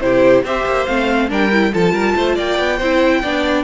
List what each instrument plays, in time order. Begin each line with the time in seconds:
0.00 cello C3, viola E4, violin G4 C5
0.43 cello C4, viola G4, violin C5 E5
0.65 cello A#3
0.86 cello A3, viola C4, violin F5
1.28 cello G3, viola D4, violin A#4 G5
1.52 viola E4
1.72 cello F3, viola F4, violin A4 A5
1.92 cello G3, violin A#4
2.16 cello A3, violin C5
2.35 cello A#3, violin D5 G5
2.58 cello B3
2.77 cello C4, viola E4, violin C5
3.21 cello B3, viola D4, violin D5